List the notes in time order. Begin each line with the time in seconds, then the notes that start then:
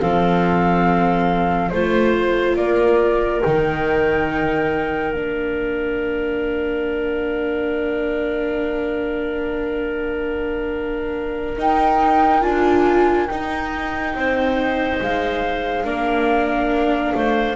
0.00 F3 C4 A4 F5
1.69 A3 F4 C5
2.56 A#3 A#4 D5
3.42 D#3 D#4 G5
5.12 A#3 D4 F5
11.57 D#4 G5
12.41 D4 F4 G#5
13.27 D#4 G5
14.14 C4 C5
15.01 G#3 F5
15.84 A#3 D4 A#4
17.14 A3 C5